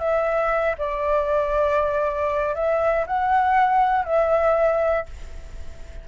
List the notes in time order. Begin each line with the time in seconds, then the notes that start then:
0.00 E5
0.79 D5
2.55 E5
3.07 F#5
4.05 E5